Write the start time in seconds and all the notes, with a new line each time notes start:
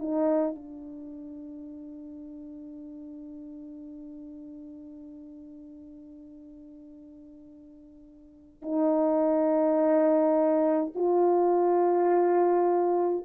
0.00 D#4
0.56 D4
8.63 D#4
10.96 F4